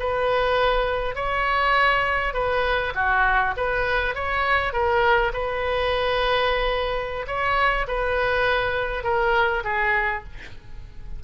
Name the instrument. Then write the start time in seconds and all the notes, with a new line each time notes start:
oboe
0.00 B4
1.16 C#5
2.34 B4
2.95 F#4
3.57 B4
4.15 C#5
4.73 A#4
5.33 B4
7.27 C#5
7.88 B4
9.04 A#4
9.64 G#4